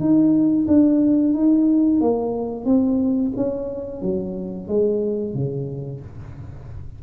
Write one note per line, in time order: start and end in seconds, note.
0.00 0.67 D#4
0.68 1.35 D4
1.35 2.01 D#4
2.01 2.65 A#3
2.65 3.32 C4
3.36 4.02 C#4
4.02 4.68 F#3
4.68 5.35 G#3
5.35 6.01 C#3